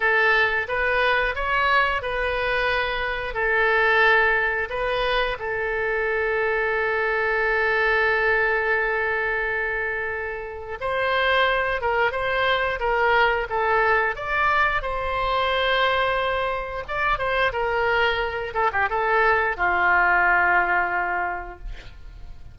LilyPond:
\new Staff \with { instrumentName = "oboe" } { \time 4/4 \tempo 4 = 89 a'4 b'4 cis''4 b'4~ | b'4 a'2 b'4 | a'1~ | a'1 |
c''4. ais'8 c''4 ais'4 | a'4 d''4 c''2~ | c''4 d''8 c''8 ais'4. a'16 g'16 | a'4 f'2. | }